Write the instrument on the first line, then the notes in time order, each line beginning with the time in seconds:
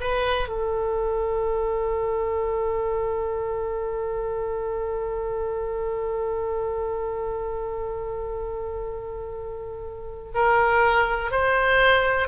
oboe
0.00 B4
0.48 A4
10.34 A#4
11.31 C5